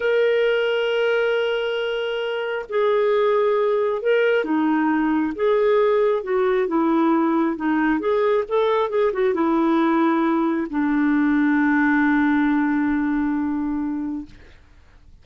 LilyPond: \new Staff \with { instrumentName = "clarinet" } { \time 4/4 \tempo 4 = 135 ais'1~ | ais'2 gis'2~ | gis'4 ais'4 dis'2 | gis'2 fis'4 e'4~ |
e'4 dis'4 gis'4 a'4 | gis'8 fis'8 e'2. | d'1~ | d'1 | }